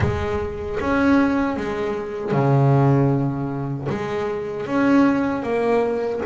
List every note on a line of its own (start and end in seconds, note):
0.00 0.78 G#3
0.80 1.56 C#4
1.56 2.31 G#3
2.31 3.87 C#3
3.89 4.66 G#3
4.66 5.42 C#4
5.42 6.20 A#3